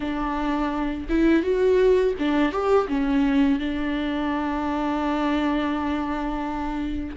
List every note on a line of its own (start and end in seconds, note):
0.00 1.07 D4
1.09 1.42 E4
1.42 2.14 F#4
2.19 2.52 D4
2.52 2.87 G4
2.87 3.59 C#4
3.59 7.16 D4